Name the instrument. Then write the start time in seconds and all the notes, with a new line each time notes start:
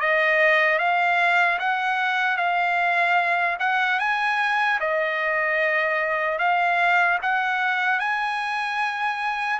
trumpet
0.00 D#5
0.78 F5
1.59 F#5
2.37 F5
3.59 F#5
3.99 G#5
4.80 D#5
6.39 F5
7.22 F#5
7.99 G#5